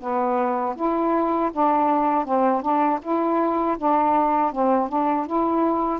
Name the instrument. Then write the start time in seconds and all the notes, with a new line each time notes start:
saxophone
0.00 B3
0.76 E4
1.53 D4
2.25 C4
2.62 D4
3.02 E4
3.78 D4
4.52 C4
4.89 D4
5.26 E4